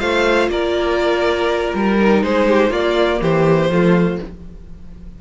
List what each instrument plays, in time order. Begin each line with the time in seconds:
0.00 cello A3, viola F4, violin C5 F5
0.49 cello A#3, violin A#4 D5
1.74 cello G3, violin A#4
2.00 viola D#4
2.23 cello G#3, violin G#4 C5
2.49 violin G4
2.70 cello A#3, viola A#3, violin F4 D5
3.22 cello E3, violin G4 C5
3.70 cello F3, viola A3, violin F4